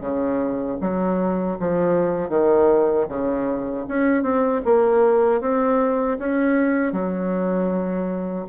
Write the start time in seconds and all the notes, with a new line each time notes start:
0.00 C#3
0.80 F#3
1.59 F3
2.29 D#3
3.08 C#3
3.88 C#4
4.22 C4
4.64 A#3
5.41 C4
6.18 C#4
6.92 F#3